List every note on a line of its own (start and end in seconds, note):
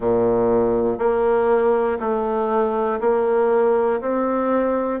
0.00 0.98 A#2
0.98 1.98 A#3
1.99 2.99 A3
3.00 4.00 A#3
4.00 5.00 C4